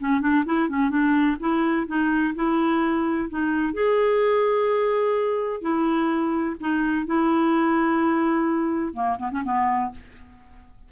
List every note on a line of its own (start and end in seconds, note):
0.00 0.21 C#4
0.21 0.44 D4
0.46 0.69 E4
0.69 0.90 C#4
0.90 1.37 D4
1.40 1.87 E4
1.87 2.34 D#4
2.35 3.29 E4
3.29 3.74 D#4
3.74 5.62 G#4
5.62 6.56 E4
6.60 7.06 D#4
7.06 8.94 E4
8.94 9.18 A#3
9.19 9.30 B3
9.32 9.43 C#4
9.44 9.91 B3